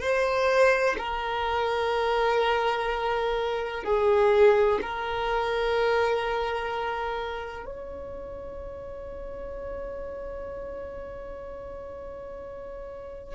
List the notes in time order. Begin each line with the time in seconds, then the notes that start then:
0.00 C5
0.98 A#4
3.83 G#4
4.81 A#4
7.65 C#5